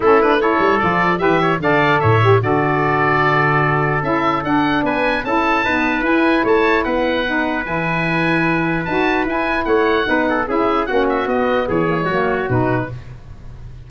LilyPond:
<<
  \new Staff \with { instrumentName = "oboe" } { \time 4/4 \tempo 4 = 149 a'8 b'8 cis''4 d''4 e''4 | f''4 e''4 d''2~ | d''2 e''4 fis''4 | gis''4 a''2 gis''4 |
a''4 fis''2 gis''4~ | gis''2 a''4 gis''4 | fis''2 e''4 fis''8 e''8 | dis''4 cis''2 b'4 | }
  \new Staff \with { instrumentName = "trumpet" } { \time 4/4 e'4 a'2 b'8 cis''8 | d''4 cis''4 a'2~ | a'1 | b'4 a'4 b'2 |
cis''4 b'2.~ | b'1 | cis''4 b'8 a'8 gis'4 fis'4~ | fis'4 gis'4 fis'2 | }
  \new Staff \with { instrumentName = "saxophone" } { \time 4/4 cis'8 d'8 e'4 f'4 g'4 | a'4. g'8 fis'2~ | fis'2 e'4 d'4~ | d'4 e'4 b4 e'4~ |
e'2 dis'4 e'4~ | e'2 fis'4 e'4~ | e'4 dis'4 e'4 cis'4 | b4. ais16 gis16 ais4 dis'4 | }
  \new Staff \with { instrumentName = "tuba" } { \time 4/4 a4. g8 f4 e4 | d4 a,4 d2~ | d2 cis'4 d'4 | b4 cis'4 dis'4 e'4 |
a4 b2 e4~ | e2 dis'4 e'4 | a4 b4 cis'4 ais4 | b4 e4 fis4 b,4 | }
>>